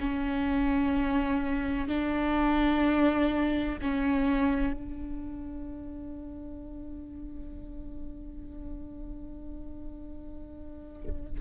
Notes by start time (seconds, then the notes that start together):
0.00 C#4
1.88 D4
3.82 C#4
4.73 D4